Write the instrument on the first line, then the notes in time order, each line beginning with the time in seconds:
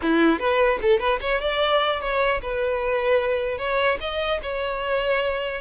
violin
0.01 E4
0.39 B4
0.81 A4
0.99 B4
1.20 C#5
1.41 D5
2.00 C#5
2.41 B4
3.58 C#5
4.00 D#5
4.42 C#5